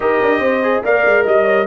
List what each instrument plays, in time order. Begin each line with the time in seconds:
0.00 tuba D#4, trombone G4, horn A#4, trumpet D#5
0.21 tuba D4
0.39 tuba C4, horn C5
0.62 trombone G#4
0.83 tuba A#3, trombone A#4, horn D5, trumpet F5
1.04 tuba G#3
1.23 tuba G3, horn D#5, trumpet D#5
1.44 horn C#5